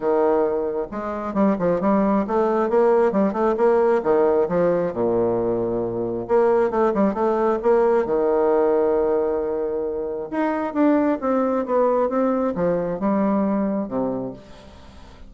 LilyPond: \new Staff \with { instrumentName = "bassoon" } { \time 4/4 \tempo 4 = 134 dis2 gis4 g8 f8 | g4 a4 ais4 g8 a8 | ais4 dis4 f4 ais,4~ | ais,2 ais4 a8 g8 |
a4 ais4 dis2~ | dis2. dis'4 | d'4 c'4 b4 c'4 | f4 g2 c4 | }